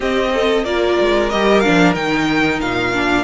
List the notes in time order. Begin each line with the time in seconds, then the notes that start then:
0.00 C4 G4 D#5
0.33 A4
0.64 A#3 F4 A#4 D5
1.00 G#3
1.29 G3 G4 D#5
1.60 D4 F5
1.68 F3
1.94 D#3 D#4 G5
2.60 A#2 F5
2.93 D4